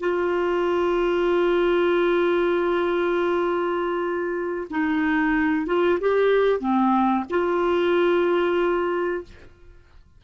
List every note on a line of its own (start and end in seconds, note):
0.00 4.68 F4
4.70 5.66 D#4
5.66 5.99 F4
6.00 6.60 G4
6.60 7.24 C4
7.30 9.23 F4